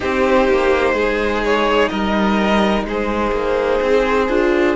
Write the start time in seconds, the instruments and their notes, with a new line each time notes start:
0.00 cello C4, viola D#4, violin G4 C5
0.49 cello A#3
0.93 cello G#3, violin G#4
1.44 violin C#5
1.88 cello G3, violin A#4 D#5
2.84 cello G#3, violin G#4 C5
3.32 cello A#3
3.81 cello C4
4.29 cello D4, viola F4